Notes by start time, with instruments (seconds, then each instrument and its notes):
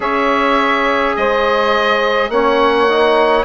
0.00 bassoon C#4, trombone G#4, saxophone C#5, oboe E5
1.16 bassoon G#3, saxophone C5, oboe D#5
2.29 bassoon A#3, trombone C#4, saxophone C#5, oboe F#5
2.88 trombone D#4